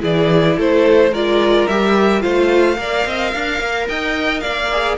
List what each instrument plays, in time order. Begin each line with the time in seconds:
0.00 cello E3, viola E4, violin G#4 D5
0.57 cello A3, violin A4 C5
1.12 cello G#3, viola F4, violin A#4 D5
1.67 cello G3, viola G4, violin E5
2.21 cello A3, viola F4, violin C5 F5
2.75 cello A#3, viola A#4, violin D5
3.06 cello C4, violin D#5
3.32 cello D4, violin F5
3.60 cello A#3
3.88 cello D#4, violin D#5 G5
4.40 cello A#3, violin D5 F5
4.72 viola G#4